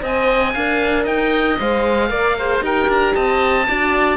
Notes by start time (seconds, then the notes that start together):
0.00 C4 C5 D#5 G#5
0.54 D4 A#4 F5
1.04 D#4 D#5 G5
1.60 G#3 C5 F5
2.09 A#3 A#4 D5
2.39 G#4 C5
2.61 D#4 G4 A#4 G5
2.88 D4 A#5
3.15 C4 D#5 A5
3.68 D4 F#4 D5